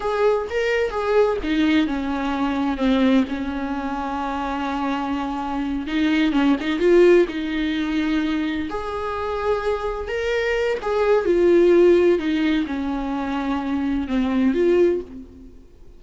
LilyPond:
\new Staff \with { instrumentName = "viola" } { \time 4/4 \tempo 4 = 128 gis'4 ais'4 gis'4 dis'4 | cis'2 c'4 cis'4~ | cis'1~ | cis'8 dis'4 cis'8 dis'8 f'4 dis'8~ |
dis'2~ dis'8 gis'4.~ | gis'4. ais'4. gis'4 | f'2 dis'4 cis'4~ | cis'2 c'4 f'4 | }